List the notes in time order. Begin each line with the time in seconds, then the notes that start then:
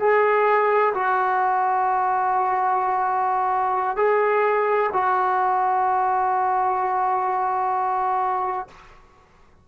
0.00 G#4
0.94 F#4
3.97 G#4
4.93 F#4